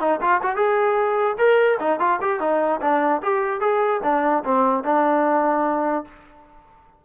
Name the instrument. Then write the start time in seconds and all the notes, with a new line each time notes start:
trombone
0.00 D#4
0.21 F4
0.42 F#4
0.56 G#4
1.38 A#4
1.80 D#4
2.00 F4
2.21 G4
2.40 D#4
2.81 D4
3.23 G4
3.61 G#4
4.03 D4
4.44 C4
4.84 D4